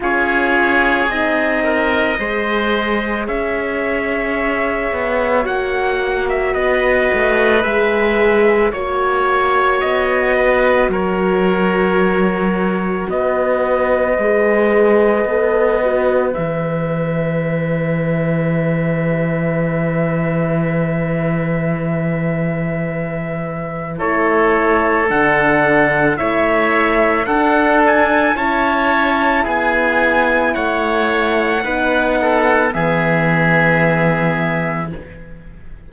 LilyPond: <<
  \new Staff \with { instrumentName = "trumpet" } { \time 4/4 \tempo 4 = 55 cis''4 dis''2 e''4~ | e''4 fis''8. e''16 dis''4 e''4 | cis''4 dis''4 cis''2 | dis''2. e''4~ |
e''1~ | e''2 cis''4 fis''4 | e''4 fis''8 gis''8 a''4 gis''4 | fis''2 e''2 | }
  \new Staff \with { instrumentName = "oboe" } { \time 4/4 gis'4. ais'8 c''4 cis''4~ | cis''2 b'2 | cis''4. b'8 ais'2 | b'1~ |
b'1~ | b'2 a'2 | cis''4 a'4 cis''4 gis'4 | cis''4 b'8 a'8 gis'2 | }
  \new Staff \with { instrumentName = "horn" } { \time 4/4 f'4 dis'4 gis'2~ | gis'4 fis'2 gis'4 | fis'1~ | fis'4 gis'4 a'8 fis'8 gis'4~ |
gis'1~ | gis'2 e'4 d'4 | e'4 d'4 e'2~ | e'4 dis'4 b2 | }
  \new Staff \with { instrumentName = "cello" } { \time 4/4 cis'4 c'4 gis4 cis'4~ | cis'8 b8 ais4 b8 a8 gis4 | ais4 b4 fis2 | b4 gis4 b4 e4~ |
e1~ | e2 a4 d4 | a4 d'4 cis'4 b4 | a4 b4 e2 | }
>>